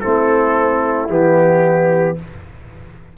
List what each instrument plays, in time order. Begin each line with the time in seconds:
0.00 tuba A3, trombone C4, horn E4, trumpet A4
1.09 tuba E3, trombone B3, trumpet G4